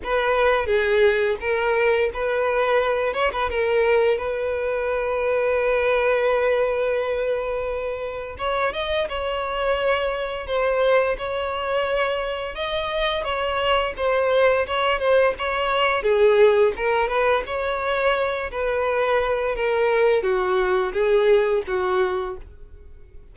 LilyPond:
\new Staff \with { instrumentName = "violin" } { \time 4/4 \tempo 4 = 86 b'4 gis'4 ais'4 b'4~ | b'8 cis''16 b'16 ais'4 b'2~ | b'1 | cis''8 dis''8 cis''2 c''4 |
cis''2 dis''4 cis''4 | c''4 cis''8 c''8 cis''4 gis'4 | ais'8 b'8 cis''4. b'4. | ais'4 fis'4 gis'4 fis'4 | }